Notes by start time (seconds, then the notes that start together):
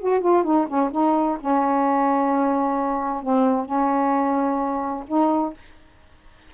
0.00 F#4
0.21 F4
0.44 D#4
0.68 C#4
0.92 D#4
1.41 C#4
3.23 C4
3.66 C#4
5.07 D#4